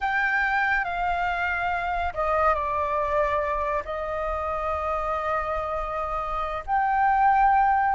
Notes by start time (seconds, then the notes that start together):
0.00 G5
0.84 F5
2.14 D#5
2.54 D5
3.85 D#5
6.66 G5